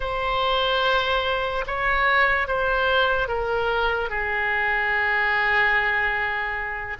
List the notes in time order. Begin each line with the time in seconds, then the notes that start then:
0.00 C5
1.66 C#5
2.47 C5
3.28 A#4
4.09 G#4